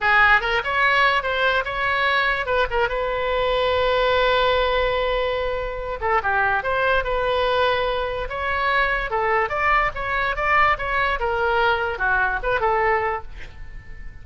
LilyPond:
\new Staff \with { instrumentName = "oboe" } { \time 4/4 \tempo 4 = 145 gis'4 ais'8 cis''4. c''4 | cis''2 b'8 ais'8 b'4~ | b'1~ | b'2~ b'8 a'8 g'4 |
c''4 b'2. | cis''2 a'4 d''4 | cis''4 d''4 cis''4 ais'4~ | ais'4 fis'4 b'8 a'4. | }